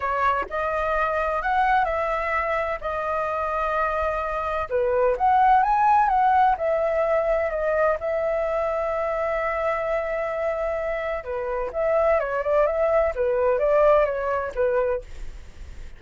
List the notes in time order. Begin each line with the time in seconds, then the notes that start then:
0.00 C#5
0.49 D#5
1.42 F#5
1.85 E5
2.80 D#5
4.69 B4
5.17 F#5
5.62 G#5
6.08 F#5
6.57 E5
7.50 D#5
8.00 E5
11.24 B4
11.72 E5
12.19 C#5
12.43 D5
12.66 E5
13.15 B4
13.58 D5
14.05 C#5
14.54 B4